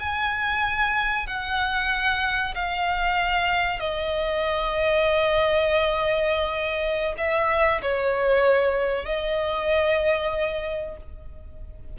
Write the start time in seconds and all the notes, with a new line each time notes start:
0.00 G#5
1.27 F#5
2.55 F5
3.80 D#5
7.18 E5
7.82 C#5
9.06 D#5